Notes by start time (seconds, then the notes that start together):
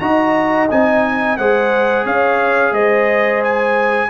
0.00 D#4 F#4 D#5 A#5
0.71 C4 D#4 G#5
1.38 G#3 G#4 C5 F#5
2.05 C#4 C#5 F5
2.72 G#3 C5 D#5
3.44 G#5